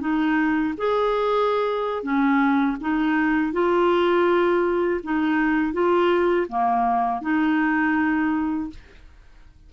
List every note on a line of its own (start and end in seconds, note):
0.00 0.74 D#4
0.77 2.03 G#4
2.03 2.77 C#4
2.80 3.53 D#4
3.53 5.01 F4
5.03 5.73 D#4
5.73 6.47 F4
6.48 7.22 A#3
7.22 8.70 D#4